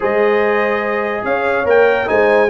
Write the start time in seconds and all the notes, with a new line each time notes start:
0.00 G#3 G#4 C5 D#5
1.23 C#4 C#5 F5
1.65 A#3 A#4 G5
2.06 G#3 D#4 C5 G#5